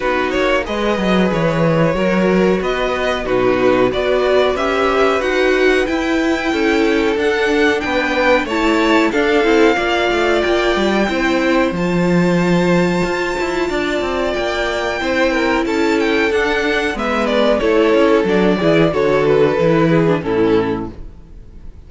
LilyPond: <<
  \new Staff \with { instrumentName = "violin" } { \time 4/4 \tempo 4 = 92 b'8 cis''8 dis''4 cis''2 | dis''4 b'4 d''4 e''4 | fis''4 g''2 fis''4 | g''4 a''4 f''2 |
g''2 a''2~ | a''2 g''2 | a''8 g''8 fis''4 e''8 d''8 cis''4 | d''4 cis''8 b'4. a'4 | }
  \new Staff \with { instrumentName = "violin" } { \time 4/4 fis'4 b'2 ais'4 | b'4 fis'4 b'2~ | b'2 a'2 | b'4 cis''4 a'4 d''4~ |
d''4 c''2.~ | c''4 d''2 c''8 ais'8 | a'2 b'4 a'4~ | a'8 gis'8 a'4. gis'8 e'4 | }
  \new Staff \with { instrumentName = "viola" } { \time 4/4 dis'4 gis'2 fis'4~ | fis'4 dis'4 fis'4 g'4 | fis'4 e'2 d'4~ | d'4 e'4 d'8 e'8 f'4~ |
f'4 e'4 f'2~ | f'2. e'4~ | e'4 d'4 b4 e'4 | d'8 e'8 fis'4 e'8. d'16 cis'4 | }
  \new Staff \with { instrumentName = "cello" } { \time 4/4 b8 ais8 gis8 fis8 e4 fis4 | b4 b,4 b4 cis'4 | dis'4 e'4 cis'4 d'4 | b4 a4 d'8 c'8 ais8 a8 |
ais8 g8 c'4 f2 | f'8 e'8 d'8 c'8 ais4 c'4 | cis'4 d'4 gis4 a8 cis'8 | fis8 e8 d4 e4 a,4 | }
>>